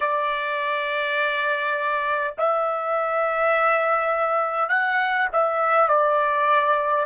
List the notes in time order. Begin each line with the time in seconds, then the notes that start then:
0.00 D5
2.38 E5
4.69 F#5
5.32 E5
5.88 D5